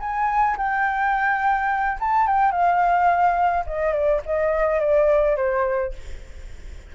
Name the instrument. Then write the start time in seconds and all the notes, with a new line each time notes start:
flute
0.00 G#5
0.57 G5
2.00 A5
2.27 G5
2.51 F5
3.66 D#5
3.93 D5
4.26 D#5
4.80 D5
5.36 C5